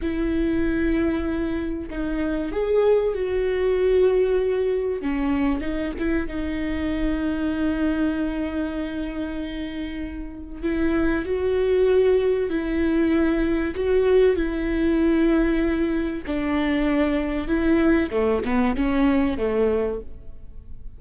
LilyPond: \new Staff \with { instrumentName = "viola" } { \time 4/4 \tempo 4 = 96 e'2. dis'4 | gis'4 fis'2. | cis'4 dis'8 e'8 dis'2~ | dis'1~ |
dis'4 e'4 fis'2 | e'2 fis'4 e'4~ | e'2 d'2 | e'4 a8 b8 cis'4 a4 | }